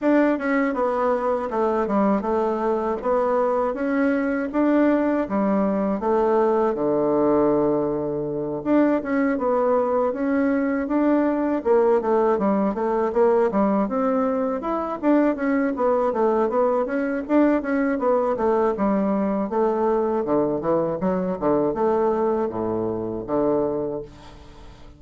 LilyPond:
\new Staff \with { instrumentName = "bassoon" } { \time 4/4 \tempo 4 = 80 d'8 cis'8 b4 a8 g8 a4 | b4 cis'4 d'4 g4 | a4 d2~ d8 d'8 | cis'8 b4 cis'4 d'4 ais8 |
a8 g8 a8 ais8 g8 c'4 e'8 | d'8 cis'8 b8 a8 b8 cis'8 d'8 cis'8 | b8 a8 g4 a4 d8 e8 | fis8 d8 a4 a,4 d4 | }